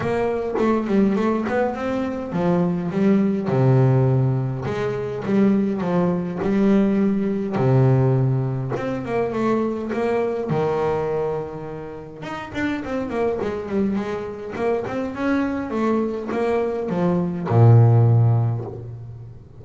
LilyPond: \new Staff \with { instrumentName = "double bass" } { \time 4/4 \tempo 4 = 103 ais4 a8 g8 a8 b8 c'4 | f4 g4 c2 | gis4 g4 f4 g4~ | g4 c2 c'8 ais8 |
a4 ais4 dis2~ | dis4 dis'8 d'8 c'8 ais8 gis8 g8 | gis4 ais8 c'8 cis'4 a4 | ais4 f4 ais,2 | }